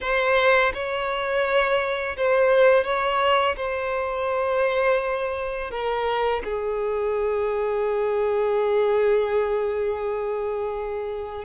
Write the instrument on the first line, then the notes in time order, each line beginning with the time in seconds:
violin
0.01 C5
0.73 C#5
2.17 C5
2.84 C#5
3.56 C5
5.70 A#4
6.44 G#4